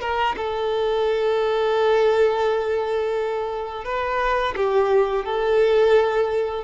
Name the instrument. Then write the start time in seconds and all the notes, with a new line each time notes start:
violin
0.00 A#4
0.36 A4
3.84 B4
4.56 G4
5.25 A4